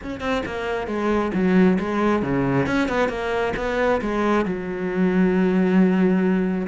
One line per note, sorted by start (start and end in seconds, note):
0.03 0.20 C#4
0.20 0.42 C4
0.45 0.87 A#3
0.87 1.31 G#3
1.34 1.78 F#3
1.79 2.22 G#3
2.22 2.66 C#3
2.66 2.88 C#4
2.88 3.08 B3
3.08 3.53 A#3
3.56 4.00 B3
4.01 4.45 G#3
4.45 6.67 F#3